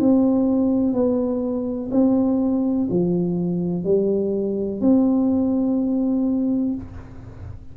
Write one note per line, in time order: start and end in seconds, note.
0.00 0.94 C4
0.94 1.90 B3
1.92 2.89 C4
2.91 3.84 F3
3.84 4.81 G3
4.81 6.75 C4